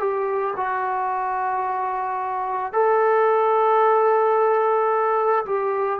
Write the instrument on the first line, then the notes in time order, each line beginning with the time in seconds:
trombone
0.00 G4
0.57 F#4
2.73 A4
5.46 G4